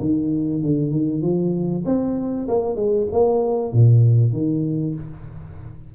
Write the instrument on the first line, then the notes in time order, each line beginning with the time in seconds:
tuba
0.00 D#3
0.62 D3
0.91 D#3
1.22 F3
1.85 C4
2.48 A#3
2.76 G#3
3.12 A#3
3.73 A#2
4.33 D#3